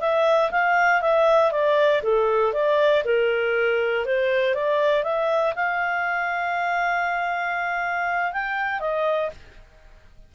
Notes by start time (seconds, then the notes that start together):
0.00 E5
0.51 F5
1.01 E5
1.51 D5
2.03 A4
2.53 D5
3.05 A#4
4.05 C5
4.54 D5
5.03 E5
5.55 F5
8.32 G5
8.80 D#5